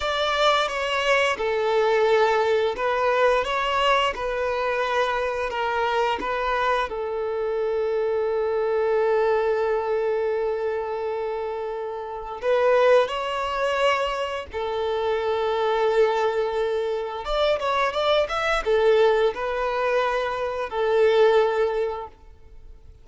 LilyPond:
\new Staff \with { instrumentName = "violin" } { \time 4/4 \tempo 4 = 87 d''4 cis''4 a'2 | b'4 cis''4 b'2 | ais'4 b'4 a'2~ | a'1~ |
a'2 b'4 cis''4~ | cis''4 a'2.~ | a'4 d''8 cis''8 d''8 e''8 a'4 | b'2 a'2 | }